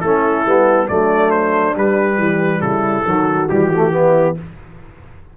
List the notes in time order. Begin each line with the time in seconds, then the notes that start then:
0.00 A3 C#4 E4 A4
0.45 G3 B3
0.87 F#3 A3 D4 D5
1.30 C5
1.74 G3 B4
2.17 E3 G4
2.61 C#3 E4 A4
3.05 D#3 F#3 F#4
3.49 E3 G3 G4
3.73 A3
3.91 B3 E4